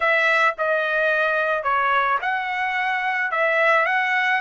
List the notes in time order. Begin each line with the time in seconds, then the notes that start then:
0.00 E5
0.58 D#5
1.63 C#5
2.21 F#5
3.31 E5
3.85 F#5